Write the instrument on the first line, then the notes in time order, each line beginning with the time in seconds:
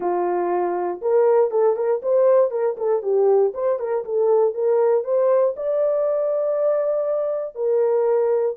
horn
0.00 F4
1.01 A#4
1.50 A4
1.75 A#4
2.02 C5
2.50 A#4
2.77 A4
3.02 G4
3.54 C5
3.79 A#4
4.05 A4
4.54 A#4
5.04 C5
5.56 D5
7.55 A#4